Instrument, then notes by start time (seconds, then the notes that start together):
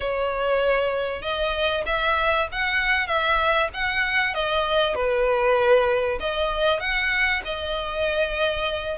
violin
0.00 C#5
1.22 D#5
1.86 E5
2.52 F#5
3.07 E5
3.73 F#5
4.34 D#5
4.95 B4
6.20 D#5
6.80 F#5
7.44 D#5